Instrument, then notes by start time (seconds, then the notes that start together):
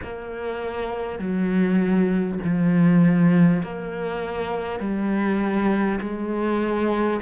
cello
0.02 A#3
1.18 F#3
2.43 F3
3.62 A#3
4.79 G3
6.00 G#3